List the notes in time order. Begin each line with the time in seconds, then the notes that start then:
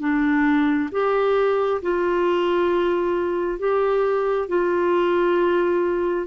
0.00 D4
0.92 G4
1.82 F4
3.59 G4
4.49 F4